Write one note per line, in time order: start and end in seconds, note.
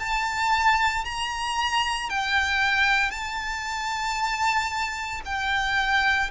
0.00 1.05 A5
1.05 2.10 A#5
2.10 3.11 G5
3.11 5.22 A5
5.25 6.31 G5